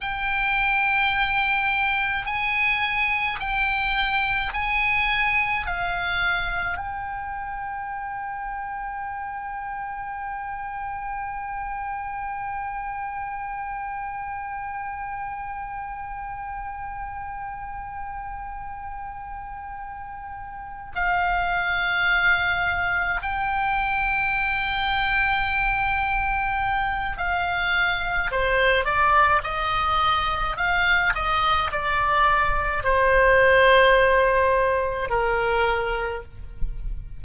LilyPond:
\new Staff \with { instrumentName = "oboe" } { \time 4/4 \tempo 4 = 53 g''2 gis''4 g''4 | gis''4 f''4 g''2~ | g''1~ | g''1~ |
g''2~ g''8 f''4.~ | f''8 g''2.~ g''8 | f''4 c''8 d''8 dis''4 f''8 dis''8 | d''4 c''2 ais'4 | }